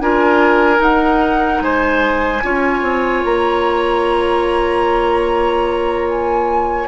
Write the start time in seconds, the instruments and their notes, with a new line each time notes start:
0.00 bassoon D4, clarinet F4, oboe A#4, flute G#5
0.77 clarinet D#4, bassoon D#4, flute F#5
1.61 bassoon G#3, oboe C5, flute G#5
2.43 bassoon C#4, clarinet F4, oboe C#5
2.82 bassoon C4
3.24 bassoon A#3, flute A#5
6.09 flute G#5